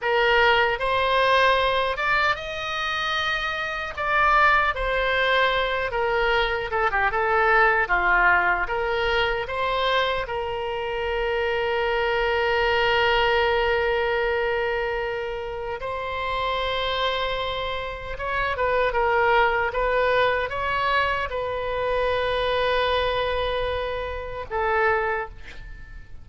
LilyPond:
\new Staff \with { instrumentName = "oboe" } { \time 4/4 \tempo 4 = 76 ais'4 c''4. d''8 dis''4~ | dis''4 d''4 c''4. ais'8~ | ais'8 a'16 g'16 a'4 f'4 ais'4 | c''4 ais'2.~ |
ais'1 | c''2. cis''8 b'8 | ais'4 b'4 cis''4 b'4~ | b'2. a'4 | }